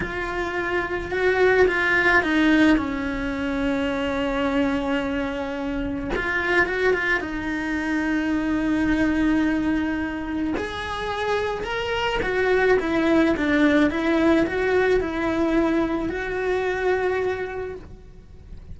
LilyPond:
\new Staff \with { instrumentName = "cello" } { \time 4/4 \tempo 4 = 108 f'2 fis'4 f'4 | dis'4 cis'2.~ | cis'2. f'4 | fis'8 f'8 dis'2.~ |
dis'2. gis'4~ | gis'4 ais'4 fis'4 e'4 | d'4 e'4 fis'4 e'4~ | e'4 fis'2. | }